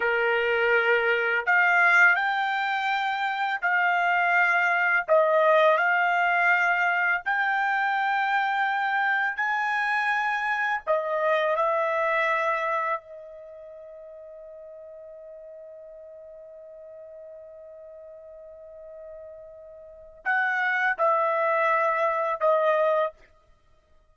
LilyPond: \new Staff \with { instrumentName = "trumpet" } { \time 4/4 \tempo 4 = 83 ais'2 f''4 g''4~ | g''4 f''2 dis''4 | f''2 g''2~ | g''4 gis''2 dis''4 |
e''2 dis''2~ | dis''1~ | dis''1 | fis''4 e''2 dis''4 | }